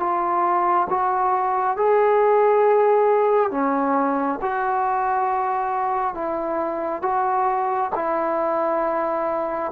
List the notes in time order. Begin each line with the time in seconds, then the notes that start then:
0.00 F4
0.90 F#4
1.77 G#4
3.51 C#4
4.42 F#4
6.15 E4
7.03 F#4
7.96 E4